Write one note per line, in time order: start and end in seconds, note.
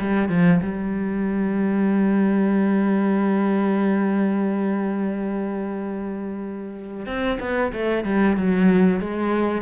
0.00 0.29 G3
0.29 0.61 F3
0.63 7.06 G3
7.06 7.39 C4
7.40 7.72 B3
7.73 8.05 A3
8.05 8.37 G3
8.37 9.01 F#3
9.01 9.62 G#3